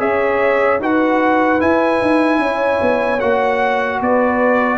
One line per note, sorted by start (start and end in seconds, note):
0.00 0.81 C#4
0.00 0.80 G#4
0.00 0.81 C#5
0.00 0.80 E5
0.80 1.61 D#4
0.80 1.59 F#4
0.80 2.42 B4
0.80 1.61 F#5
1.59 3.19 E4
1.59 2.02 E4
1.59 3.20 G#5
2.02 2.39 D#4
2.39 2.79 C#4
2.39 4.01 C#5
2.82 3.22 B3
3.20 4.01 A#3
3.20 4.78 F#4
3.20 4.00 F#5
4.01 4.78 B3
4.01 4.78 B4
4.01 4.78 D5